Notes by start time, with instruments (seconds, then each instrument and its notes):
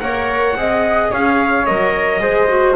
0.00 double bass A#3, viola A#4, flute C#5, trumpet F#5
0.56 double bass C4, viola G#4, flute D#5
1.11 double bass C#4, flute C#5, trumpet F5
1.66 double bass F#3, viola A#4, trumpet D#5
2.20 double bass G#3, viola G#4, flute C5
2.49 viola F#4